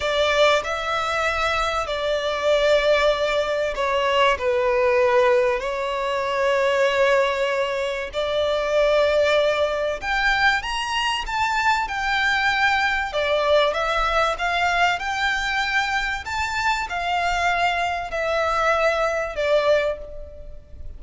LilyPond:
\new Staff \with { instrumentName = "violin" } { \time 4/4 \tempo 4 = 96 d''4 e''2 d''4~ | d''2 cis''4 b'4~ | b'4 cis''2.~ | cis''4 d''2. |
g''4 ais''4 a''4 g''4~ | g''4 d''4 e''4 f''4 | g''2 a''4 f''4~ | f''4 e''2 d''4 | }